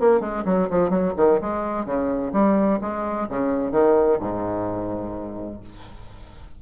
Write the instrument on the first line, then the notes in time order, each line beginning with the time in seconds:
bassoon
0.00 A#3
0.21 G#3
0.45 F#3
0.70 F3
0.90 F#3
1.17 D#3
1.41 G#3
1.86 C#3
2.33 G3
2.81 G#3
3.29 C#3
3.72 D#3
4.20 G#2